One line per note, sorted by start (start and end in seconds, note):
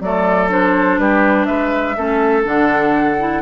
0.00 0.98 F#3
0.00 0.49 A3
0.00 1.00 A4
0.00 0.49 D5
0.49 1.95 D4
0.49 0.97 C5
0.97 1.46 G3
0.97 1.47 G4
0.97 1.45 B4
1.45 1.97 G#3
1.45 1.96 B4
1.45 2.43 E5
1.96 2.45 A3
1.96 2.43 C#4
1.96 3.42 A4
2.43 3.42 D3
2.43 3.16 D4
2.43 3.42 F#5
3.18 3.42 E4